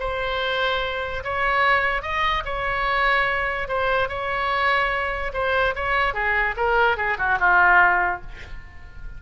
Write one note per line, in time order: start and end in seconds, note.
0.00 1.23 C5
1.24 2.02 C#5
2.02 2.43 D#5
2.45 3.68 C#5
3.68 4.09 C5
4.09 5.32 C#5
5.34 5.75 C5
5.76 6.14 C#5
6.14 6.55 G#4
6.57 6.97 A#4
6.97 7.18 G#4
7.18 7.39 F#4
7.40 8.22 F4